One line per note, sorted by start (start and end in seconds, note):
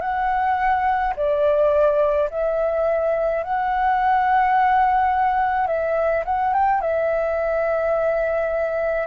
0.00 1.13 F#5
1.16 2.29 D5
2.30 3.43 E5
3.43 5.67 F#5
5.67 6.23 E5
6.25 6.53 F#5
6.53 6.81 G5
6.81 9.07 E5